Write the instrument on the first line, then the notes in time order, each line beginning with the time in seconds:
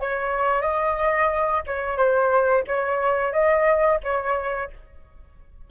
flute
0.00 C#5
0.61 D#5
1.67 C#5
1.97 C5
2.67 C#5
3.32 D#5
4.03 C#5